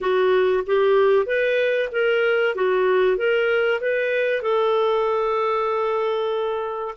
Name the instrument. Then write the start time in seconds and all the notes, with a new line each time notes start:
clarinet
0.00 F#4
0.66 G4
1.25 B4
1.92 A#4
2.55 F#4
3.17 A#4
3.81 B4
4.42 A4